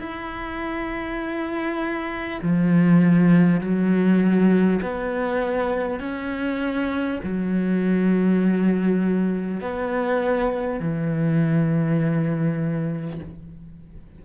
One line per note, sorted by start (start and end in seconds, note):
0.00 2.40 E4
2.43 3.61 F3
3.61 4.81 F#3
4.82 6.00 B3
6.00 7.20 C#4
7.24 9.61 F#3
9.61 10.80 B3
10.80 13.20 E3